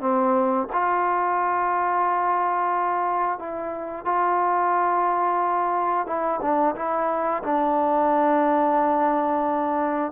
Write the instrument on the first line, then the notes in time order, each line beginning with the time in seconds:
trombone
0.00 C4
0.73 F4
3.39 E4
4.05 F4
6.06 E4
6.41 D4
6.75 E4
7.43 D4